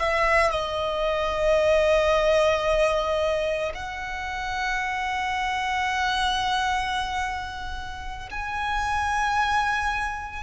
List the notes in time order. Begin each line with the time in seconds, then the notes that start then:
0.00 E5
0.51 D#5
3.75 F#5
8.31 G#5